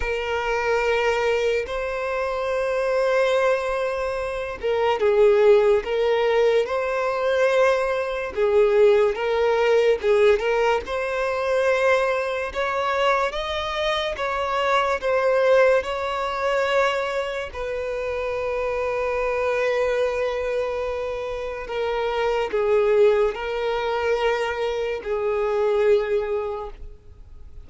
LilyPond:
\new Staff \with { instrumentName = "violin" } { \time 4/4 \tempo 4 = 72 ais'2 c''2~ | c''4. ais'8 gis'4 ais'4 | c''2 gis'4 ais'4 | gis'8 ais'8 c''2 cis''4 |
dis''4 cis''4 c''4 cis''4~ | cis''4 b'2.~ | b'2 ais'4 gis'4 | ais'2 gis'2 | }